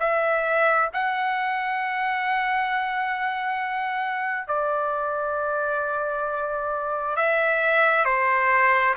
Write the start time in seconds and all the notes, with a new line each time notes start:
0.00 E5
0.94 F#5
4.48 D5
7.16 E5
8.05 C5